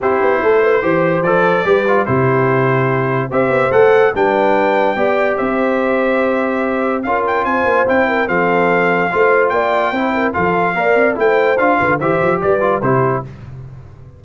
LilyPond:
<<
  \new Staff \with { instrumentName = "trumpet" } { \time 4/4 \tempo 4 = 145 c''2. d''4~ | d''4 c''2. | e''4 fis''4 g''2~ | g''4 e''2.~ |
e''4 f''8 g''8 gis''4 g''4 | f''2. g''4~ | g''4 f''2 g''4 | f''4 e''4 d''4 c''4 | }
  \new Staff \with { instrumentName = "horn" } { \time 4/4 g'4 a'8 b'8 c''2 | b'4 g'2. | c''2 b'2 | d''4 c''2.~ |
c''4 ais'4 c''4. ais'8 | a'2 c''4 d''4 | c''8 ais'8 a'4 d''4 c''4~ | c''8 b'8 c''4 b'4 g'4 | }
  \new Staff \with { instrumentName = "trombone" } { \time 4/4 e'2 g'4 a'4 | g'8 f'8 e'2. | g'4 a'4 d'2 | g'1~ |
g'4 f'2 e'4 | c'2 f'2 | e'4 f'4 ais'4 e'4 | f'4 g'4. f'8 e'4 | }
  \new Staff \with { instrumentName = "tuba" } { \time 4/4 c'8 b8 a4 e4 f4 | g4 c2. | c'8 b8 a4 g2 | b4 c'2.~ |
c'4 cis'4 c'8 ais8 c'4 | f2 a4 ais4 | c'4 f4 ais8 c'8 a4 | d'8 d8 e8 f8 g4 c4 | }
>>